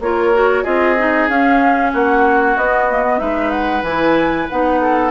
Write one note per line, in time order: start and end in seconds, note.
0.00 0.64 A#3
0.00 0.34 F4
0.00 0.64 A#4
0.00 0.64 C#5
0.34 0.65 F#4
0.64 1.29 C4
0.64 0.97 F4
0.64 1.91 G#4
0.64 1.28 D#5
0.98 1.29 D#4
1.29 2.57 C#4
1.29 1.93 C#4
1.29 1.93 F5
1.93 2.57 A#3
1.93 3.21 F#4
1.93 2.57 F#5
2.57 3.20 B3
2.57 2.90 B3
2.57 3.19 D#5
2.90 3.03 A#3
3.03 3.18 B3
3.18 3.83 G#3
3.18 3.82 D#4
3.18 4.80 B4
3.18 3.51 E5
3.51 3.83 F#5
3.83 4.47 E3
3.83 4.50 E4
3.83 4.48 G#5
4.50 5.11 B3
4.50 5.11 D#4
4.50 5.11 F#5
4.81 5.11 A4